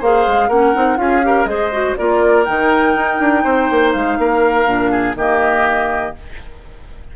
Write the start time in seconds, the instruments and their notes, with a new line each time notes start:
0.00 bassoon A#3, clarinet G#4, oboe C5, flute F5
0.28 bassoon G#3
0.49 bassoon A#3, clarinet C#4, oboe A#4, flute F#5
0.75 bassoon C4, clarinet D#4
0.97 bassoon C#4, clarinet F4, oboe G#4, flute F5
1.23 clarinet G4, oboe A#4
1.46 bassoon G#3, clarinet G#4, oboe C5, flute D#5
1.73 clarinet F#4
1.97 bassoon A#3, clarinet F4, oboe A#4, flute D5
2.45 bassoon D#3, clarinet D#4, flute G5
2.96 bassoon D#4
3.20 bassoon D4
3.44 bassoon C4, oboe C5
3.71 bassoon A#3
3.93 bassoon G#3, flute F5
4.18 bassoon A#3, oboe A#4
4.66 bassoon A#2, clarinet D4
4.91 oboe G#4
5.16 bassoon D#3, clarinet A#3, oboe G4, flute D#5